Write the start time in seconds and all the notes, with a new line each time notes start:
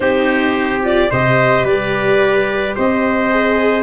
0.00 C4 D#4 G4 C5
0.82 F4 D5
1.10 C3 G4 C5 D#5
1.64 G3 B4 D5
2.75 C4 C5 D#5
3.30 G#4